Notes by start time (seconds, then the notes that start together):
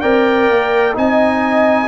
0.00 C4 A#4 D5 G5
0.49 A#3
0.93 C4 D#4 D#5 G#5